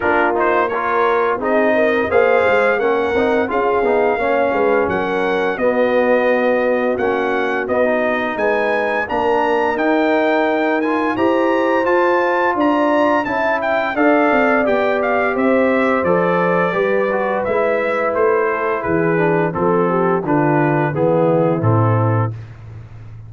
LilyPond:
<<
  \new Staff \with { instrumentName = "trumpet" } { \time 4/4 \tempo 4 = 86 ais'8 c''8 cis''4 dis''4 f''4 | fis''4 f''2 fis''4 | dis''2 fis''4 dis''4 | gis''4 ais''4 g''4. gis''8 |
ais''4 a''4 ais''4 a''8 g''8 | f''4 g''8 f''8 e''4 d''4~ | d''4 e''4 c''4 b'4 | a'4 b'4 gis'4 a'4 | }
  \new Staff \with { instrumentName = "horn" } { \time 4/4 f'4 ais'4 gis'8 ais'8 c''4 | ais'4 gis'4 cis''8 b'8 ais'4 | fis'1 | b'4 ais'2. |
c''2 d''4 e''4 | d''2 c''2 | b'2~ b'8 a'8 gis'4 | a'8 g'8 f'4 e'2 | }
  \new Staff \with { instrumentName = "trombone" } { \time 4/4 d'8 dis'8 f'4 dis'4 gis'4 | cis'8 dis'8 f'8 dis'8 cis'2 | b2 cis'4 b16 dis'8.~ | dis'4 d'4 dis'4. f'8 |
g'4 f'2 e'4 | a'4 g'2 a'4 | g'8 fis'8 e'2~ e'8 d'8 | c'4 d'4 b4 c'4 | }
  \new Staff \with { instrumentName = "tuba" } { \time 4/4 ais2 c'4 ais8 gis8 | ais8 c'8 cis'8 b8 ais8 gis8 fis4 | b2 ais4 b4 | gis4 ais4 dis'2 |
e'4 f'4 d'4 cis'4 | d'8 c'8 b4 c'4 f4 | g4 gis4 a4 e4 | f4 d4 e4 a,4 | }
>>